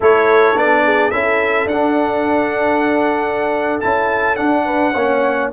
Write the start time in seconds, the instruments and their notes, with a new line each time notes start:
0.00 tuba A3, trombone E4, horn A4, trumpet C#5
0.54 tuba B3, trombone D4, trumpet D5
0.85 horn G#4
1.10 tuba C#4, trombone E4, horn A4, trumpet E5
1.65 tuba D4, trumpet F#5
1.72 trombone D4
3.80 tuba C#4, trombone E4, trumpet A5
4.36 trombone D4, tuba D4, trumpet F#5
4.64 horn B4
4.93 tuba A#3, trombone C#4, horn C#5